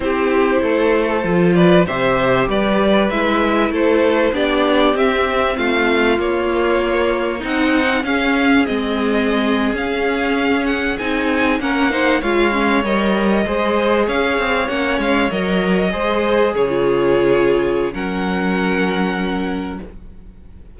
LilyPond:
<<
  \new Staff \with { instrumentName = "violin" } { \time 4/4 \tempo 4 = 97 c''2~ c''8 d''8 e''4 | d''4 e''4 c''4 d''4 | e''4 f''4 cis''2 | fis''4 f''4 dis''4.~ dis''16 f''16~ |
f''4~ f''16 fis''8 gis''4 fis''4 f''16~ | f''8. dis''2 f''4 fis''16~ | fis''16 f''8 dis''2 cis''4~ cis''16~ | cis''4 fis''2. | }
  \new Staff \with { instrumentName = "violin" } { \time 4/4 g'4 a'4. b'8 c''4 | b'2 a'4 g'4~ | g'4 f'2. | dis'4 gis'2.~ |
gis'2~ gis'8. ais'8 c''8 cis''16~ | cis''4.~ cis''16 c''4 cis''4~ cis''16~ | cis''4.~ cis''16 c''4 gis'4~ gis'16~ | gis'4 ais'2. | }
  \new Staff \with { instrumentName = "viola" } { \time 4/4 e'2 f'4 g'4~ | g'4 e'2 d'4 | c'2 ais2 | dis'4 cis'4 c'4.~ c'16 cis'16~ |
cis'4.~ cis'16 dis'4 cis'8 dis'8 f'16~ | f'16 cis'8 ais'4 gis'2 cis'16~ | cis'8. ais'4 gis'4~ gis'16 f'4~ | f'4 cis'2. | }
  \new Staff \with { instrumentName = "cello" } { \time 4/4 c'4 a4 f4 c4 | g4 gis4 a4 b4 | c'4 a4 ais2 | c'4 cis'4 gis4.~ gis16 cis'16~ |
cis'4.~ cis'16 c'4 ais4 gis16~ | gis8. g4 gis4 cis'8 c'8 ais16~ | ais16 gis8 fis4 gis4 cis4~ cis16~ | cis4 fis2. | }
>>